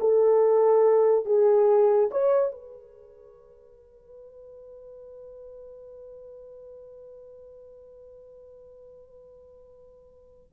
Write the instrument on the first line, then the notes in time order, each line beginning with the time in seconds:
horn
0.00 A4
1.25 G#4
2.11 C#5
2.52 B4